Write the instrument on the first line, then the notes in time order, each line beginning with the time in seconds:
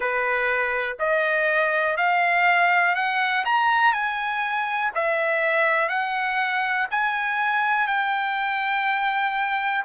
trumpet
0.00 B4
0.99 D#5
1.96 F5
2.95 F#5
3.45 A#5
3.92 G#5
4.94 E5
5.88 F#5
6.90 G#5
7.87 G5